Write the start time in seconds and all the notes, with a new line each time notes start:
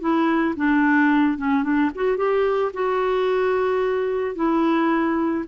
0.00 E4
0.56 D4
1.37 C#4
1.63 D4
1.95 F#4
2.17 G4
2.73 F#4
4.35 E4